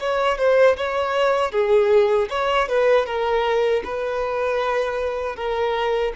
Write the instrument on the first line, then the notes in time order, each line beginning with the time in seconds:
violin
0.00 C#5
0.38 C5
0.77 C#5
1.52 G#4
2.30 C#5
2.69 B4
3.06 A#4
3.85 B4
5.36 A#4